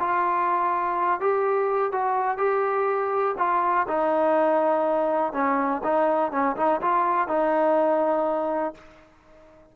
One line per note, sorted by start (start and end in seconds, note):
0.00 1.21 F4
1.21 1.93 G4
1.93 2.38 F#4
2.38 3.36 G4
3.39 3.87 F4
3.88 5.33 D#4
5.33 5.82 C#4
5.84 6.32 D#4
6.32 6.57 C#4
6.57 6.81 D#4
6.82 7.28 F4
7.28 8.75 D#4